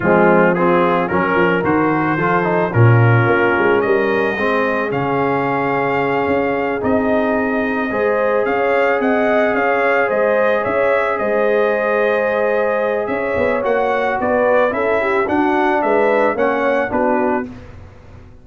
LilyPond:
<<
  \new Staff \with { instrumentName = "trumpet" } { \time 4/4 \tempo 4 = 110 f'4 gis'4 ais'4 c''4~ | c''4 ais'2 dis''4~ | dis''4 f''2.~ | f''8 dis''2. f''8~ |
f''8 fis''4 f''4 dis''4 e''8~ | e''8 dis''2.~ dis''8 | e''4 fis''4 d''4 e''4 | fis''4 e''4 fis''4 b'4 | }
  \new Staff \with { instrumentName = "horn" } { \time 4/4 c'4 f'4 ais'2 | a'4 f'2 ais'4 | gis'1~ | gis'2~ gis'8 c''4 cis''8~ |
cis''8 dis''4 cis''4 c''4 cis''8~ | cis''8 c''2.~ c''8 | cis''2 b'4 a'8 g'8 | fis'4 b'4 cis''4 fis'4 | }
  \new Staff \with { instrumentName = "trombone" } { \time 4/4 gis4 c'4 cis'4 fis'4 | f'8 dis'8 cis'2. | c'4 cis'2.~ | cis'8 dis'2 gis'4.~ |
gis'1~ | gis'1~ | gis'4 fis'2 e'4 | d'2 cis'4 d'4 | }
  \new Staff \with { instrumentName = "tuba" } { \time 4/4 f2 fis8 f8 dis4 | f4 ais,4 ais8 gis8 g4 | gis4 cis2~ cis8 cis'8~ | cis'8 c'2 gis4 cis'8~ |
cis'8 c'4 cis'4 gis4 cis'8~ | cis'8 gis2.~ gis8 | cis'8 b8 ais4 b4 cis'4 | d'4 gis4 ais4 b4 | }
>>